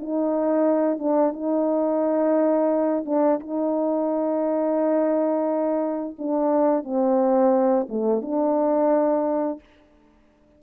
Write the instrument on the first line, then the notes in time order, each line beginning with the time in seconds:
horn
0.00 D#4
0.99 D4
1.33 D#4
3.06 D4
3.41 D#4
6.19 D4
6.84 C4
7.89 A3
8.22 D4